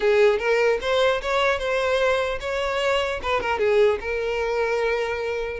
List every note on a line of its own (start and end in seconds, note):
0.00 0.38 G#4
0.38 0.78 A#4
0.81 1.21 C5
1.21 1.58 C#5
1.58 2.38 C5
2.40 3.20 C#5
3.22 3.40 B4
3.40 3.59 A#4
3.59 3.99 G#4
4.00 5.59 A#4